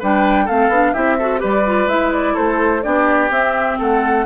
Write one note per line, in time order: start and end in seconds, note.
0.00 0.49 G3
0.00 0.49 D4
0.00 0.45 B4
0.00 0.48 G5
0.45 0.69 A3
0.45 0.72 C4
0.45 0.92 A4
0.45 0.94 F5
0.69 0.93 B3
0.69 0.95 D4
0.94 1.44 C4
0.94 1.19 E4
0.94 1.17 G4
0.94 1.41 E5
1.19 1.38 F#4
1.19 1.40 A4
1.38 1.87 G3
1.38 1.62 G4
1.38 2.34 B4
1.38 1.89 D5
1.66 1.89 F4
1.87 2.34 G#3
1.87 2.83 E4
1.87 2.12 E5
2.13 2.36 D5
2.34 2.85 A3
2.34 2.81 A4
2.34 2.83 C5
2.83 3.30 B3
2.83 3.30 D4
2.83 3.79 G4
2.83 3.31 D5
3.30 3.77 C4
3.30 4.26 C4
3.30 3.79 E5
3.79 4.26 A3
3.79 4.26 A4
3.79 4.26 F#5